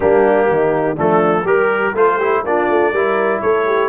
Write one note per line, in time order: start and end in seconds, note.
0.00 0.48 G3
0.00 0.96 A#3
0.00 0.48 D4
0.00 0.97 G4
0.48 0.97 D#3
0.48 0.95 D#4
0.95 1.43 F3
0.95 1.45 A3
0.95 1.43 D4
0.95 1.46 A4
1.43 1.92 G3
1.43 1.94 G4
1.43 1.94 A#4
1.43 1.95 A#4
1.94 2.42 A3
1.94 2.20 F4
1.94 2.17 A4
1.94 2.45 C5
2.17 2.45 E4
2.17 2.41 G4
2.43 2.67 A#3
2.43 2.94 D4
2.43 2.92 F4
2.43 3.41 D5
2.68 2.92 A3
2.92 3.41 G3
2.92 3.88 E4
2.92 3.41 A#4
3.41 3.88 A3
3.41 3.66 A4
3.41 3.88 C#5
3.66 3.88 G4